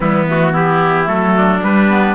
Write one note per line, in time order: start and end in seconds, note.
0.00 1.07 E3
0.00 0.26 G3
0.00 0.52 B3
0.00 0.28 E4
0.28 0.51 A3
0.28 0.55 F#4
0.51 1.04 B3
0.51 1.33 E4
0.51 1.08 G4
1.04 1.61 F#3
1.04 1.58 A3
1.04 1.62 A4
1.36 2.15 D4
1.61 1.88 G3
1.61 2.15 G3
1.61 2.15 B4
1.88 2.15 B3